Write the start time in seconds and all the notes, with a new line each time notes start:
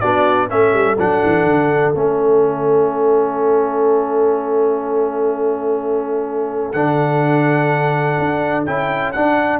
0.00 B3 D4 F#4 D5
0.49 A3 C#4 A4 E5
0.73 G3
0.98 F#3 D4 F#5
1.24 E3
1.45 D3
1.94 A3 C#4 E5
6.72 D3 D4 F#5
8.19 D4
8.65 C#4 E4 G5
9.12 D4 F#5